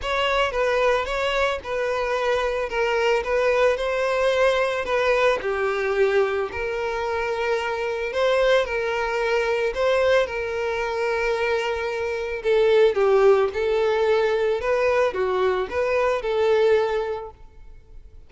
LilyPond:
\new Staff \with { instrumentName = "violin" } { \time 4/4 \tempo 4 = 111 cis''4 b'4 cis''4 b'4~ | b'4 ais'4 b'4 c''4~ | c''4 b'4 g'2 | ais'2. c''4 |
ais'2 c''4 ais'4~ | ais'2. a'4 | g'4 a'2 b'4 | fis'4 b'4 a'2 | }